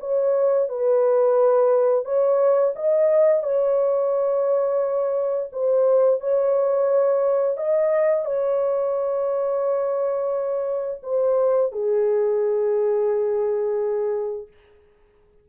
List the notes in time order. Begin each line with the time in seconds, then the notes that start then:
0.00 C#5
0.68 B4
2.04 C#5
2.75 D#5
3.43 C#5
5.52 C5
6.20 C#5
7.57 D#5
8.25 C#5
11.03 C5
11.71 G#4